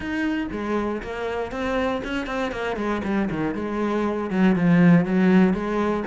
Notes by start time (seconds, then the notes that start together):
0.00 D#4
0.51 G#3
1.02 A#3
1.51 C4
2.04 C#4
2.26 C4
2.51 A#3
2.76 G#3
3.04 G3
3.30 D#3
3.54 G#3
4.30 F#3
4.55 F3
5.05 F#3
5.53 G#3